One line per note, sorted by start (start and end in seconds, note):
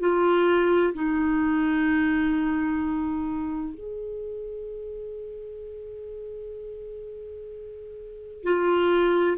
0.00 0.94 F4
0.94 3.75 D#4
3.75 8.44 G#4
8.44 9.37 F4